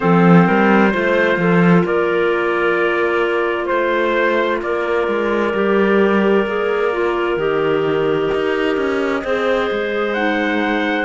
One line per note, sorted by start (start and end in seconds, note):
0.00 0.47 F3
0.00 0.90 C4
0.00 0.46 A4
0.00 1.85 C5
0.46 0.94 G3
0.46 0.91 A#4
0.91 1.36 A3
0.91 5.54 F4
0.91 1.37 C5
1.36 1.82 F3
1.36 1.85 A4
1.85 3.69 A#3
1.85 3.65 A#4
1.85 3.67 D5
3.65 4.62 A3
3.65 4.57 C5
3.65 4.59 C5
4.62 5.07 A#3
4.62 9.23 A#4
4.62 7.38 D5
5.07 5.53 G#3
5.53 6.46 G3
5.53 6.46 G4
6.46 7.37 A#3
6.46 6.92 G#4
6.92 7.38 F4
7.37 8.29 D#3
7.37 9.22 G4
7.37 10.13 D#5
8.34 8.77 D#4
8.77 9.23 C#4
9.23 9.70 C4
9.23 10.15 G#4
9.23 11.04 C5
9.71 11.04 G#3
10.13 11.04 D#4
10.13 11.04 F#5